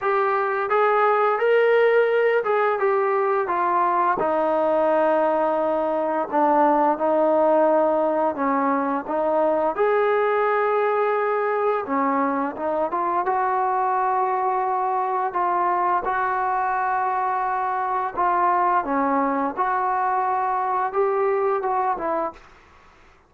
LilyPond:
\new Staff \with { instrumentName = "trombone" } { \time 4/4 \tempo 4 = 86 g'4 gis'4 ais'4. gis'8 | g'4 f'4 dis'2~ | dis'4 d'4 dis'2 | cis'4 dis'4 gis'2~ |
gis'4 cis'4 dis'8 f'8 fis'4~ | fis'2 f'4 fis'4~ | fis'2 f'4 cis'4 | fis'2 g'4 fis'8 e'8 | }